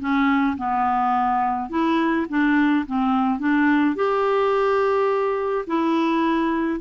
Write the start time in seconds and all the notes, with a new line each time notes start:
0.00 C#4
0.57 B3
1.70 E4
2.29 D4
2.86 C4
3.39 D4
3.96 G4
5.67 E4